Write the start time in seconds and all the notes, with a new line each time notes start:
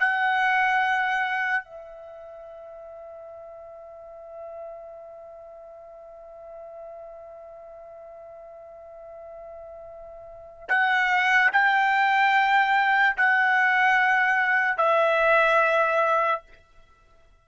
0.00 F#5
1.64 E5
10.69 F#5
11.53 G5
13.17 F#5
14.78 E5